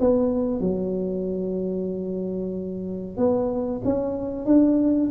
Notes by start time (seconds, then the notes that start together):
0.00 B3
0.60 F#3
3.17 B3
3.84 C#4
4.46 D4